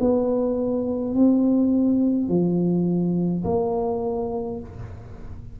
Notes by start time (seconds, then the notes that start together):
0.00 B3
1.14 C4
2.28 F3
3.44 A#3